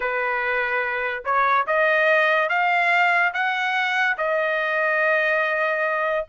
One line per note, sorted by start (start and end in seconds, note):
0.00 1.23 B4
1.25 1.66 C#5
1.66 2.49 D#5
2.49 3.32 F5
3.33 4.17 F#5
4.17 6.26 D#5